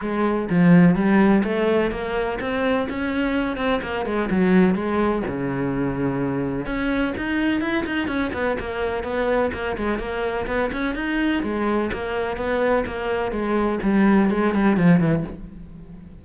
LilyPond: \new Staff \with { instrumentName = "cello" } { \time 4/4 \tempo 4 = 126 gis4 f4 g4 a4 | ais4 c'4 cis'4. c'8 | ais8 gis8 fis4 gis4 cis4~ | cis2 cis'4 dis'4 |
e'8 dis'8 cis'8 b8 ais4 b4 | ais8 gis8 ais4 b8 cis'8 dis'4 | gis4 ais4 b4 ais4 | gis4 g4 gis8 g8 f8 e8 | }